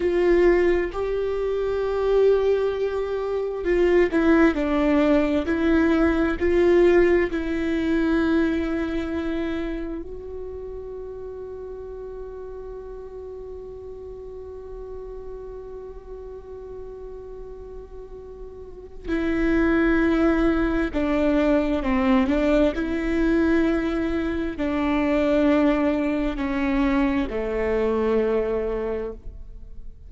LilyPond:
\new Staff \with { instrumentName = "viola" } { \time 4/4 \tempo 4 = 66 f'4 g'2. | f'8 e'8 d'4 e'4 f'4 | e'2. fis'4~ | fis'1~ |
fis'1~ | fis'4 e'2 d'4 | c'8 d'8 e'2 d'4~ | d'4 cis'4 a2 | }